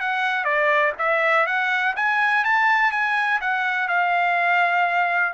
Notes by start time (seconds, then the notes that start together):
0.00 F#5
0.45 D5
0.99 E5
1.46 F#5
1.96 G#5
2.44 A5
2.92 G#5
3.41 F#5
3.88 F5